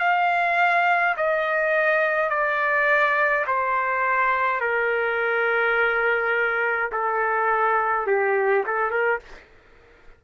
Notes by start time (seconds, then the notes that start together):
0.00 F5
1.17 D#5
2.30 D5
3.47 C5
4.61 A#4
6.92 A4
8.07 G4
8.66 A4
8.91 A#4